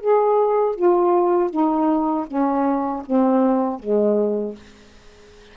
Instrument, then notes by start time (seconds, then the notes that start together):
saxophone
0.00 G#4
0.75 F4
1.50 D#4
2.27 C#4
3.06 C4
3.79 G#3